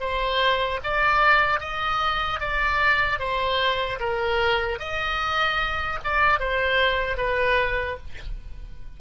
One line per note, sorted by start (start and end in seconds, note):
0.00 0.80 C5
0.84 1.60 D5
1.60 2.40 D#5
2.40 3.19 D5
3.19 3.99 C5
3.99 4.79 A#4
4.79 5.99 D#5
6.04 6.40 D5
6.40 7.17 C5
7.17 7.97 B4